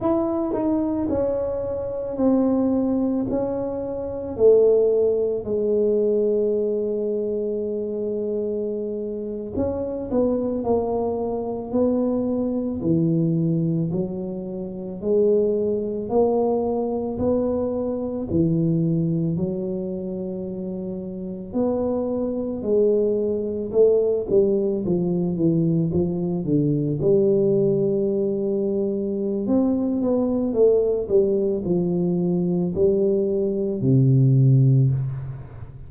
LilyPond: \new Staff \with { instrumentName = "tuba" } { \time 4/4 \tempo 4 = 55 e'8 dis'8 cis'4 c'4 cis'4 | a4 gis2.~ | gis8. cis'8 b8 ais4 b4 e16~ | e8. fis4 gis4 ais4 b16~ |
b8. e4 fis2 b16~ | b8. gis4 a8 g8 f8 e8 f16~ | f16 d8 g2~ g16 c'8 b8 | a8 g8 f4 g4 c4 | }